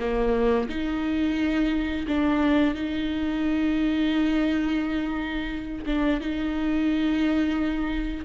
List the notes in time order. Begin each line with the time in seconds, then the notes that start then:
0.00 A#3
0.69 D#4
2.08 D4
2.75 D#4
5.87 D4
6.21 D#4